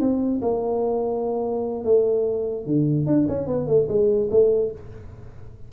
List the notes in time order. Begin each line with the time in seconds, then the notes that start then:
0.00 C4
0.42 A#3
1.84 A3
2.66 D3
3.06 D4
3.28 C#4
3.47 B3
3.67 A3
3.88 G#3
4.31 A3